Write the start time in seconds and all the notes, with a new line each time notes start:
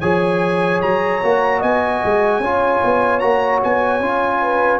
0.00 F3 G#4 C#5 G#5
0.82 F#3 A#5
1.23 A#3 F#4
1.59 B3 D#5 G#5
2.04 G#3
2.39 C#4 F4 C#5
2.84 B3
3.20 A#3 F#4 A#5
3.64 B3 G#5
4.00 C#4 F4
4.42 B4